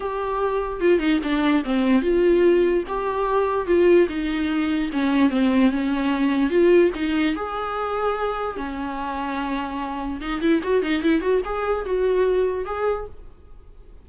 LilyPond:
\new Staff \with { instrumentName = "viola" } { \time 4/4 \tempo 4 = 147 g'2 f'8 dis'8 d'4 | c'4 f'2 g'4~ | g'4 f'4 dis'2 | cis'4 c'4 cis'2 |
f'4 dis'4 gis'2~ | gis'4 cis'2.~ | cis'4 dis'8 e'8 fis'8 dis'8 e'8 fis'8 | gis'4 fis'2 gis'4 | }